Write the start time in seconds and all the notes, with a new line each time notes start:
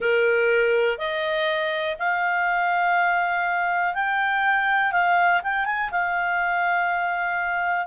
0.00 A#4
0.97 D#5
1.99 F5
3.94 G5
4.92 F5
5.43 G5
5.65 G#5
5.91 F5